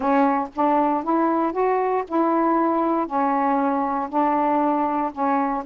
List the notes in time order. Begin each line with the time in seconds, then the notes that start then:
0.00 C#4
0.55 D4
1.03 E4
1.52 F#4
2.08 E4
3.06 C#4
4.09 D4
5.12 C#4